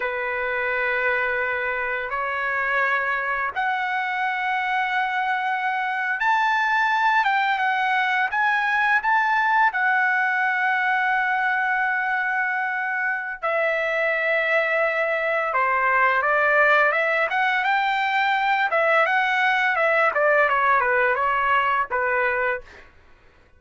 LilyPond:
\new Staff \with { instrumentName = "trumpet" } { \time 4/4 \tempo 4 = 85 b'2. cis''4~ | cis''4 fis''2.~ | fis''8. a''4. g''8 fis''4 gis''16~ | gis''8. a''4 fis''2~ fis''16~ |
fis''2. e''4~ | e''2 c''4 d''4 | e''8 fis''8 g''4. e''8 fis''4 | e''8 d''8 cis''8 b'8 cis''4 b'4 | }